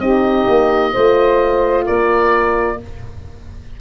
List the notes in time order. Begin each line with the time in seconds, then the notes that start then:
0.00 C4 D#4 G4 D#5
0.48 A#3
0.93 A3 F4 C5
1.85 A#3 A#4 D5